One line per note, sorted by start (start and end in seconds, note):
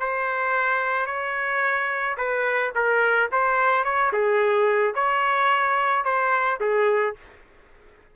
0.00 1.07 C5
1.07 2.17 C#5
2.18 2.73 B4
2.75 3.30 A#4
3.32 3.85 C5
3.85 4.12 C#5
4.13 4.95 G#4
4.95 6.05 C#5
6.05 6.60 C5
6.61 7.16 G#4